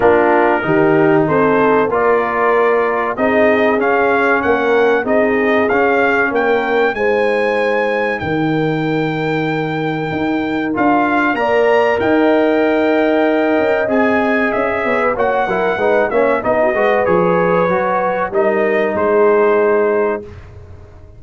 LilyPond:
<<
  \new Staff \with { instrumentName = "trumpet" } { \time 4/4 \tempo 4 = 95 ais'2 c''4 d''4~ | d''4 dis''4 f''4 fis''4 | dis''4 f''4 g''4 gis''4~ | gis''4 g''2.~ |
g''4 f''4 ais''4 g''4~ | g''2 gis''4 e''4 | fis''4. e''8 dis''4 cis''4~ | cis''4 dis''4 c''2 | }
  \new Staff \with { instrumentName = "horn" } { \time 4/4 f'4 g'4 a'4 ais'4~ | ais'4 gis'2 ais'4 | gis'2 ais'4 c''4~ | c''4 ais'2.~ |
ais'2 d''4 dis''4~ | dis''2.~ dis''8 cis''16 b'16 | cis''8 ais'8 b'8 cis''8 dis''16 fis'16 b'4.~ | b'4 ais'4 gis'2 | }
  \new Staff \with { instrumentName = "trombone" } { \time 4/4 d'4 dis'2 f'4~ | f'4 dis'4 cis'2 | dis'4 cis'2 dis'4~ | dis'1~ |
dis'4 f'4 ais'2~ | ais'2 gis'2 | fis'8 e'8 dis'8 cis'8 dis'8 fis'8 gis'4 | fis'4 dis'2. | }
  \new Staff \with { instrumentName = "tuba" } { \time 4/4 ais4 dis4 c'4 ais4~ | ais4 c'4 cis'4 ais4 | c'4 cis'4 ais4 gis4~ | gis4 dis2. |
dis'4 d'4 ais4 dis'4~ | dis'4. cis'8 c'4 cis'8 b8 | ais8 fis8 gis8 ais8 b8 gis8 f4 | fis4 g4 gis2 | }
>>